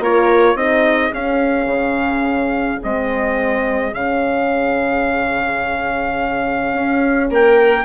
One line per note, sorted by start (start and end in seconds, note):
0.00 0.55 A#3
0.00 0.57 F4
0.00 0.57 A#4
0.00 0.57 C#5
0.55 1.11 C4
0.55 1.13 D#4
0.55 7.29 G#4
0.55 1.13 D#5
1.14 1.67 C#4
1.14 2.82 C#4
1.14 2.82 F5
1.67 2.79 C#3
2.82 3.94 G#3
2.82 3.95 C4
2.82 3.94 D#5
3.94 6.74 C#3
3.94 7.85 C#4
3.94 7.31 F5
6.74 7.30 C#4
7.30 7.85 A#3
7.30 7.85 A#4
7.30 7.85 G5